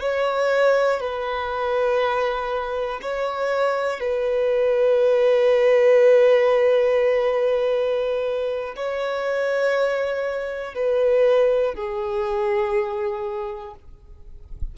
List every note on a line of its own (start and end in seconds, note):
0.00 1.00 C#5
1.00 3.00 B4
3.01 4.00 C#5
4.00 8.75 B4
8.76 10.74 C#5
10.74 11.74 B4
11.75 13.75 G#4